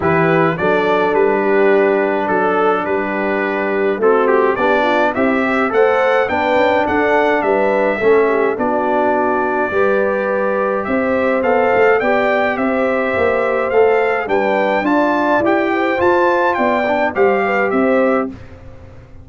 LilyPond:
<<
  \new Staff \with { instrumentName = "trumpet" } { \time 4/4 \tempo 4 = 105 b'4 d''4 b'2 | a'4 b'2 a'8 g'8 | d''4 e''4 fis''4 g''4 | fis''4 e''2 d''4~ |
d''2. e''4 | f''4 g''4 e''2 | f''4 g''4 a''4 g''4 | a''4 g''4 f''4 e''4 | }
  \new Staff \with { instrumentName = "horn" } { \time 4/4 g'4 a'4. g'4. | a'4 g'2 fis'4 | g'8 f'8 e'8 g'8 c''4 b'4 | a'4 b'4 a'8 g'8 fis'4~ |
fis'4 b'2 c''4~ | c''4 d''4 c''2~ | c''4 b'4 d''4. c''8~ | c''4 d''4 c''8 b'8 c''4 | }
  \new Staff \with { instrumentName = "trombone" } { \time 4/4 e'4 d'2.~ | d'2. c'4 | d'4 g'4 a'4 d'4~ | d'2 cis'4 d'4~ |
d'4 g'2. | a'4 g'2. | a'4 d'4 f'4 g'4 | f'4. d'8 g'2 | }
  \new Staff \with { instrumentName = "tuba" } { \time 4/4 e4 fis4 g2 | fis4 g2 a4 | b4 c'4 a4 b8 cis'8 | d'4 g4 a4 b4~ |
b4 g2 c'4 | b8 a8 b4 c'4 ais4 | a4 g4 d'4 e'4 | f'4 b4 g4 c'4 | }
>>